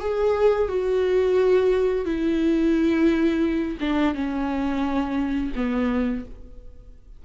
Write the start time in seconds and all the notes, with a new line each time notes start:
0.00 G#4
0.69 F#4
2.05 E4
3.80 D4
4.14 C#4
5.56 B3